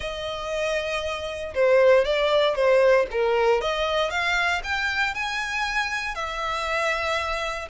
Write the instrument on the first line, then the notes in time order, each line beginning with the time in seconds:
violin
0.00 D#5
1.54 C5
2.04 D5
2.55 C5
3.11 A#4
3.61 D#5
4.10 F5
4.63 G5
5.14 G#5
6.14 E5